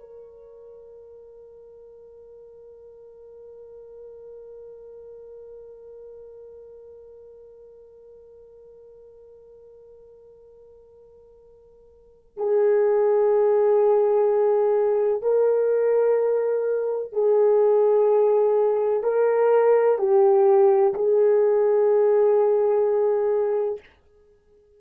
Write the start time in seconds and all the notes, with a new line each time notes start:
0.00 A#4
12.38 G#4
15.23 A#4
17.13 G#4
19.04 A#4
19.99 G4
20.94 G#4